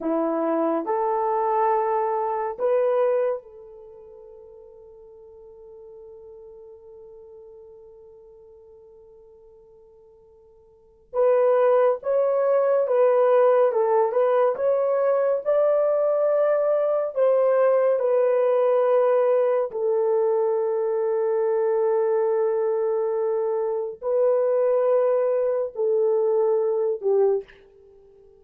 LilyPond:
\new Staff \with { instrumentName = "horn" } { \time 4/4 \tempo 4 = 70 e'4 a'2 b'4 | a'1~ | a'1~ | a'4 b'4 cis''4 b'4 |
a'8 b'8 cis''4 d''2 | c''4 b'2 a'4~ | a'1 | b'2 a'4. g'8 | }